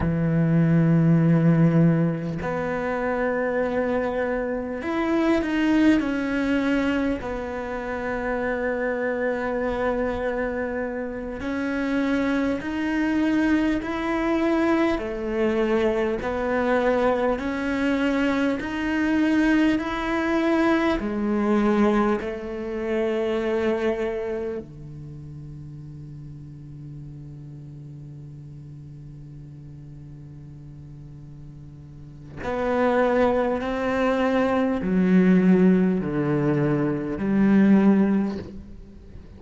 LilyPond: \new Staff \with { instrumentName = "cello" } { \time 4/4 \tempo 4 = 50 e2 b2 | e'8 dis'8 cis'4 b2~ | b4. cis'4 dis'4 e'8~ | e'8 a4 b4 cis'4 dis'8~ |
dis'8 e'4 gis4 a4.~ | a8 d2.~ d8~ | d2. b4 | c'4 fis4 d4 g4 | }